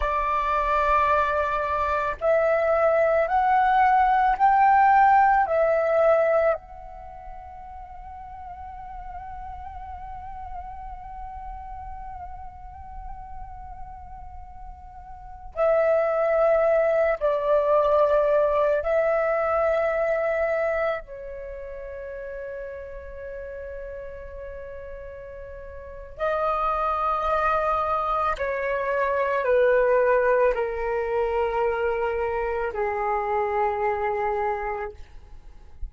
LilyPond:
\new Staff \with { instrumentName = "flute" } { \time 4/4 \tempo 4 = 55 d''2 e''4 fis''4 | g''4 e''4 fis''2~ | fis''1~ | fis''2~ fis''16 e''4. d''16~ |
d''4~ d''16 e''2 cis''8.~ | cis''1 | dis''2 cis''4 b'4 | ais'2 gis'2 | }